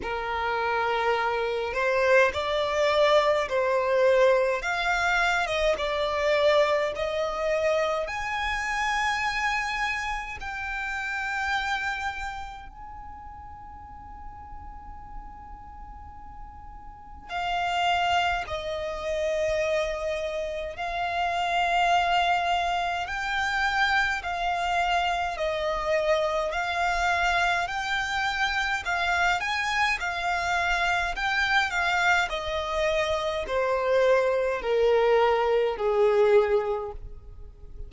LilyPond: \new Staff \with { instrumentName = "violin" } { \time 4/4 \tempo 4 = 52 ais'4. c''8 d''4 c''4 | f''8. dis''16 d''4 dis''4 gis''4~ | gis''4 g''2 gis''4~ | gis''2. f''4 |
dis''2 f''2 | g''4 f''4 dis''4 f''4 | g''4 f''8 gis''8 f''4 g''8 f''8 | dis''4 c''4 ais'4 gis'4 | }